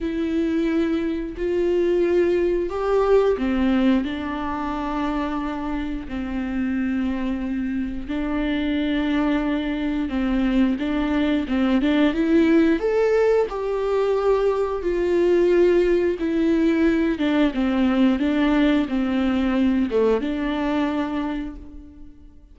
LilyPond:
\new Staff \with { instrumentName = "viola" } { \time 4/4 \tempo 4 = 89 e'2 f'2 | g'4 c'4 d'2~ | d'4 c'2. | d'2. c'4 |
d'4 c'8 d'8 e'4 a'4 | g'2 f'2 | e'4. d'8 c'4 d'4 | c'4. a8 d'2 | }